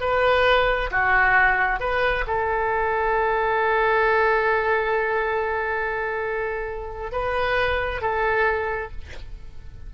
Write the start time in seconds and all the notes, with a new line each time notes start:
0.00 B4
0.91 F#4
1.80 B4
2.27 A4
7.12 B4
8.01 A4